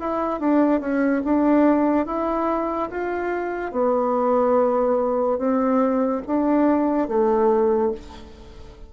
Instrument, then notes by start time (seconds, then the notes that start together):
bassoon
0.00 E4
0.40 D4
0.81 C#4
1.25 D4
2.06 E4
2.91 F4
3.72 B3
5.38 C4
6.27 D4
7.08 A3